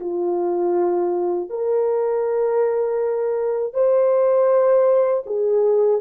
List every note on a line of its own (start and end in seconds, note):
0.00 1.50 F4
1.50 3.74 A#4
3.74 5.24 C5
5.26 6.01 G#4